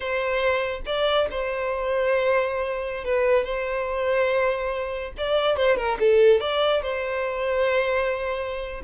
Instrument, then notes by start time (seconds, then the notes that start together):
violin
0.00 C5
0.85 D5
1.30 C5
3.04 B4
3.44 C5
5.17 D5
5.56 C5
5.77 A#4
5.99 A4
6.40 D5
6.82 C5